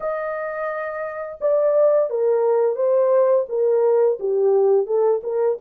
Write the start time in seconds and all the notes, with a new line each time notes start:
0.00 D#5
1.40 D5
2.10 A#4
2.75 C5
3.49 A#4
4.19 G4
4.86 A4
5.23 A#4